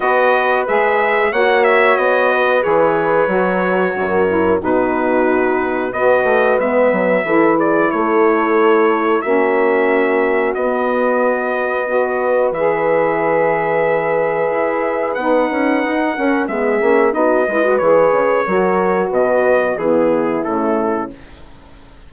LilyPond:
<<
  \new Staff \with { instrumentName = "trumpet" } { \time 4/4 \tempo 4 = 91 dis''4 e''4 fis''8 e''8 dis''4 | cis''2. b'4~ | b'4 dis''4 e''4. d''8 | cis''2 e''2 |
dis''2. e''4~ | e''2. fis''4~ | fis''4 e''4 dis''4 cis''4~ | cis''4 dis''4 gis'4 a'4 | }
  \new Staff \with { instrumentName = "horn" } { \time 4/4 b'2 cis''4. b'8~ | b'2 ais'4 fis'4~ | fis'4 b'2 a'8 gis'8 | a'2 fis'2~ |
fis'2 b'2~ | b'1~ | b'8 ais'8 gis'4 fis'8 b'4. | ais'4 b'4 e'2 | }
  \new Staff \with { instrumentName = "saxophone" } { \time 4/4 fis'4 gis'4 fis'2 | gis'4 fis'4. e'8 dis'4~ | dis'4 fis'4 b4 e'4~ | e'2 cis'2 |
b2 fis'4 gis'4~ | gis'2. dis'4~ | dis'8 cis'8 b8 cis'8 dis'8 e'16 fis'16 gis'4 | fis'2 b4 a4 | }
  \new Staff \with { instrumentName = "bassoon" } { \time 4/4 b4 gis4 ais4 b4 | e4 fis4 fis,4 b,4~ | b,4 b8 a8 gis8 fis8 e4 | a2 ais2 |
b2. e4~ | e2 e'4 b8 cis'8 | dis'8 cis'8 gis8 ais8 b8 gis8 e8 cis8 | fis4 b,4 e4 cis4 | }
>>